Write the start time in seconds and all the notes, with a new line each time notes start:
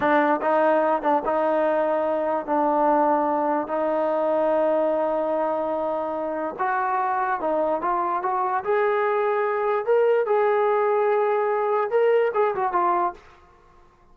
0.00 D4
0.41 D#4
1.02 D4
1.25 D#4
2.46 D4
3.67 D#4
6.58 F#4
7.40 D#4
7.81 F4
8.22 F#4
8.64 G#4
9.85 A#4
10.26 G#4
11.90 A#4
12.34 G#4
12.55 F#4
12.72 F4